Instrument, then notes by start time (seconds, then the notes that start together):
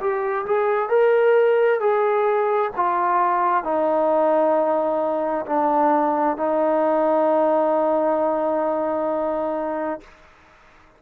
trombone
0.00 G4
0.46 G#4
0.89 A#4
1.80 G#4
2.76 F4
3.64 D#4
5.46 D4
6.37 D#4